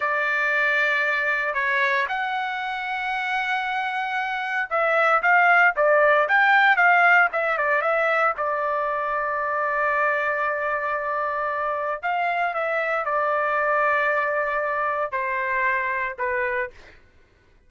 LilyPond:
\new Staff \with { instrumentName = "trumpet" } { \time 4/4 \tempo 4 = 115 d''2. cis''4 | fis''1~ | fis''4 e''4 f''4 d''4 | g''4 f''4 e''8 d''8 e''4 |
d''1~ | d''2. f''4 | e''4 d''2.~ | d''4 c''2 b'4 | }